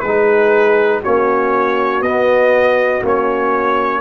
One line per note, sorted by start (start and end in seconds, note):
0.00 1.02 G#3
0.00 1.01 G#4
0.00 1.00 B4
0.06 1.04 D#4
1.01 2.01 A#3
1.01 2.04 C#4
1.01 4.00 F#4
1.01 2.02 C#5
2.01 3.01 B3
2.01 3.03 B3
2.01 3.02 D#5
3.03 4.00 A#3
3.03 4.00 C#4
3.03 4.00 C#5